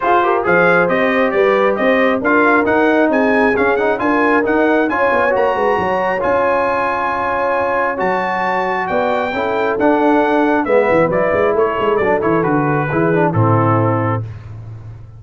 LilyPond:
<<
  \new Staff \with { instrumentName = "trumpet" } { \time 4/4 \tempo 4 = 135 c''4 f''4 dis''4 d''4 | dis''4 f''4 fis''4 gis''4 | f''8 fis''8 gis''4 fis''4 gis''4 | ais''2 gis''2~ |
gis''2 a''2 | g''2 fis''2 | e''4 d''4 cis''4 d''8 cis''8 | b'2 a'2 | }
  \new Staff \with { instrumentName = "horn" } { \time 4/4 gis'8 ais'8 c''2 b'4 | c''4 ais'2 gis'4~ | gis'4 ais'2 cis''4~ | cis''8 b'8 cis''2.~ |
cis''1 | d''4 a'2. | b'2 a'2~ | a'4 gis'4 e'2 | }
  \new Staff \with { instrumentName = "trombone" } { \time 4/4 f'8 g'8 gis'4 g'2~ | g'4 f'4 dis'2 | cis'8 dis'8 f'4 dis'4 f'4 | fis'2 f'2~ |
f'2 fis'2~ | fis'4 e'4 d'2 | b4 e'2 d'8 e'8 | fis'4 e'8 d'8 c'2 | }
  \new Staff \with { instrumentName = "tuba" } { \time 4/4 f'4 f4 c'4 g4 | c'4 d'4 dis'4 c'4 | cis'4 d'4 dis'4 cis'8 b8 | ais8 gis8 fis4 cis'2~ |
cis'2 fis2 | b4 cis'4 d'2 | gis8 e8 fis8 gis8 a8 gis8 fis8 e8 | d4 e4 a,2 | }
>>